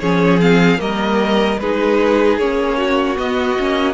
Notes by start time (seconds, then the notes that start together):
0.00 F3 C#4 G#4 C#5
0.41 C4 F5
0.78 G3 A#3 A#4 D#5
1.60 G#3 D#4 G#4 B4
2.38 A#3 C#4 C#5
2.78 F#4
3.16 B3 D#5
3.59 A#3 C#4